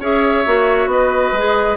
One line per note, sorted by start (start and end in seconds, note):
0.00 0.45 C#4
0.00 0.46 G#4
0.00 0.89 C#5
0.00 0.89 E5
0.46 0.86 A#3
0.46 1.35 F#4
0.86 1.31 B3
0.86 1.76 B4
0.86 1.76 D#5
1.32 1.76 G#3
1.32 1.76 G#4